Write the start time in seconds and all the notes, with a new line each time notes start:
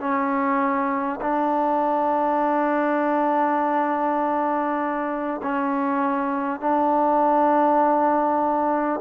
0.00 C#4
1.21 D4
5.43 C#4
6.61 D4